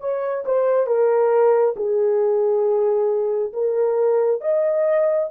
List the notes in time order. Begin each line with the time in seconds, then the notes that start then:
0.00 C#5
0.45 C5
0.86 A#4
1.76 G#4
3.53 A#4
4.41 D#5